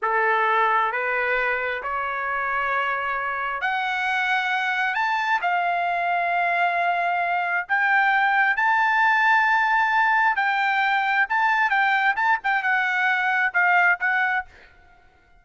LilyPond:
\new Staff \with { instrumentName = "trumpet" } { \time 4/4 \tempo 4 = 133 a'2 b'2 | cis''1 | fis''2. a''4 | f''1~ |
f''4 g''2 a''4~ | a''2. g''4~ | g''4 a''4 g''4 a''8 g''8 | fis''2 f''4 fis''4 | }